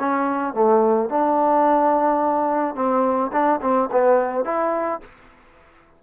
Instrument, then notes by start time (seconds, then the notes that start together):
trombone
0.00 C#4
0.54 A3
1.10 D4
2.75 C4
3.33 D4
3.62 C4
3.92 B3
4.45 E4